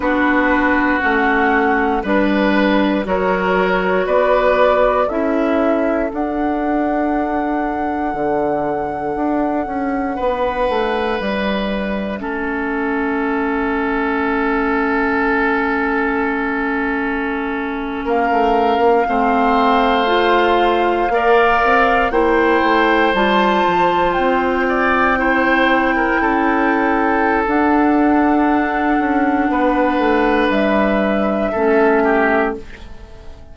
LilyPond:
<<
  \new Staff \with { instrumentName = "flute" } { \time 4/4 \tempo 4 = 59 b'4 fis''4 b'4 cis''4 | d''4 e''4 fis''2~ | fis''2. e''4~ | e''1~ |
e''4.~ e''16 f''2~ f''16~ | f''4.~ f''16 g''4 a''4 g''16~ | g''2. fis''4~ | fis''2 e''2 | }
  \new Staff \with { instrumentName = "oboe" } { \time 4/4 fis'2 b'4 ais'4 | b'4 a'2.~ | a'2 b'2 | a'1~ |
a'4.~ a'16 ais'4 c''4~ c''16~ | c''8. d''4 c''2~ c''16~ | c''16 d''8 c''8. ais'16 a'2~ a'16~ | a'4 b'2 a'8 g'8 | }
  \new Staff \with { instrumentName = "clarinet" } { \time 4/4 d'4 cis'4 d'4 fis'4~ | fis'4 e'4 d'2~ | d'1 | cis'1~ |
cis'2~ cis'8. c'4 f'16~ | f'8. ais'4 e'4 f'4~ f'16~ | f'8. e'2~ e'16 d'4~ | d'2. cis'4 | }
  \new Staff \with { instrumentName = "bassoon" } { \time 4/4 b4 a4 g4 fis4 | b4 cis'4 d'2 | d4 d'8 cis'8 b8 a8 g4 | a1~ |
a4.~ a16 ais16 a8 ais16 a4~ a16~ | a8. ais8 c'8 ais8 a8 g8 f8 c'16~ | c'4.~ c'16 cis'4~ cis'16 d'4~ | d'8 cis'8 b8 a8 g4 a4 | }
>>